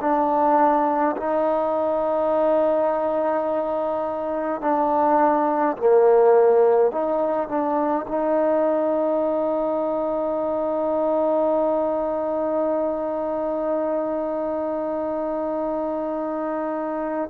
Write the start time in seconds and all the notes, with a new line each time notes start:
0.00 D4
1.16 D#4
4.61 D4
5.76 A#3
6.91 D#4
7.48 D4
8.07 D#4